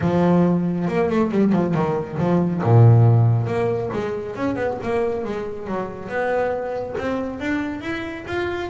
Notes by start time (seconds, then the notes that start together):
0.01 F3
0.87 A#3
1.09 A3
1.31 G3
1.52 F3
1.74 D#3
2.18 F3
2.63 A#2
3.46 A#3
3.93 G#3
4.35 C#4
4.55 B3
4.83 A#3
5.24 G#3
5.67 F#3
6.08 B3
6.97 C4
7.39 D4
7.81 E4
8.26 F4